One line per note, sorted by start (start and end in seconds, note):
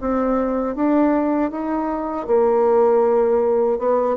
0.00 0.75 C4
0.75 1.51 D4
1.51 2.26 D#4
2.27 3.78 A#3
3.78 4.16 B3